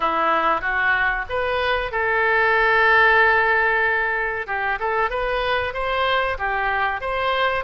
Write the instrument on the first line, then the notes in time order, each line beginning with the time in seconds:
oboe
0.00 E4
0.61 F#4
1.29 B4
1.91 A4
4.47 G4
4.79 A4
5.10 B4
5.73 C5
6.38 G4
7.00 C5